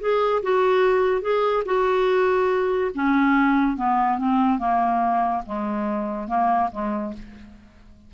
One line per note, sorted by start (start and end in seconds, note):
0.00 0.42 G#4
0.43 1.21 F#4
1.21 1.63 G#4
1.65 2.91 F#4
2.94 3.77 C#4
3.77 4.18 B3
4.18 4.58 C4
4.58 5.42 A#3
5.46 6.28 G#3
6.28 6.70 A#3
6.72 7.13 G#3